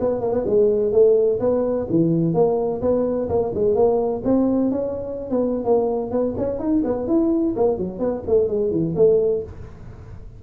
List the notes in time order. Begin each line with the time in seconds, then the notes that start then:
0.00 B3
0.21 A#3
0.33 B3
0.46 G#3
0.92 A3
1.40 B3
1.90 E3
2.34 A#3
2.82 B3
3.29 A#3
3.54 G#3
3.75 A#3
4.24 C4
4.71 C#4
5.30 B3
5.65 A#3
6.11 B3
6.37 C#4
6.59 D#4
6.84 B3
7.08 E4
7.56 A#3
7.78 F#3
7.99 B3
8.27 A3
8.48 G#3
8.71 E3
8.96 A3